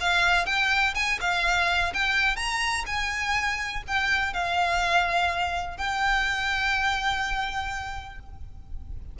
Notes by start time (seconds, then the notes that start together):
0.00 F5
0.46 G5
0.95 G#5
1.21 F5
1.94 G5
2.36 A#5
2.86 G#5
3.87 G5
4.34 F5
5.78 G5